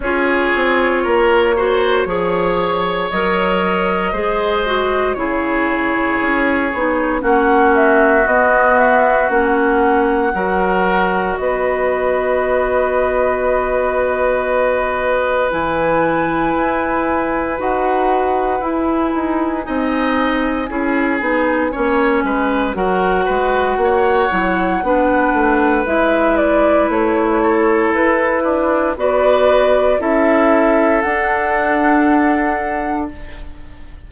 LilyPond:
<<
  \new Staff \with { instrumentName = "flute" } { \time 4/4 \tempo 4 = 58 cis''2. dis''4~ | dis''4 cis''2 fis''8 e''8 | dis''8 e''8 fis''2 dis''4~ | dis''2. gis''4~ |
gis''4 fis''4 gis''2~ | gis''2 fis''2~ | fis''4 e''8 d''8 cis''4 b'4 | d''4 e''4 fis''2 | }
  \new Staff \with { instrumentName = "oboe" } { \time 4/4 gis'4 ais'8 c''8 cis''2 | c''4 gis'2 fis'4~ | fis'2 ais'4 b'4~ | b'1~ |
b'2. dis''4 | gis'4 cis''8 b'8 ais'8 b'8 cis''4 | b'2~ b'8 a'4 d'8 | b'4 a'2. | }
  \new Staff \with { instrumentName = "clarinet" } { \time 4/4 f'4. fis'8 gis'4 ais'4 | gis'8 fis'8 e'4. dis'8 cis'4 | b4 cis'4 fis'2~ | fis'2. e'4~ |
e'4 fis'4 e'4 dis'4 | e'8 dis'8 cis'4 fis'4. e'8 | d'4 e'2. | fis'4 e'4 d'2 | }
  \new Staff \with { instrumentName = "bassoon" } { \time 4/4 cis'8 c'8 ais4 f4 fis4 | gis4 cis4 cis'8 b8 ais4 | b4 ais4 fis4 b4~ | b2. e4 |
e'4 dis'4 e'8 dis'8 c'4 | cis'8 b8 ais8 gis8 fis8 gis8 ais8 fis8 | b8 a8 gis4 a4 e'4 | b4 cis'4 d'2 | }
>>